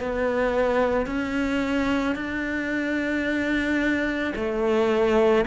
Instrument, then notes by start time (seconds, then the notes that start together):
cello
0.00 B3
1.07 C#4
2.16 D4
4.35 A3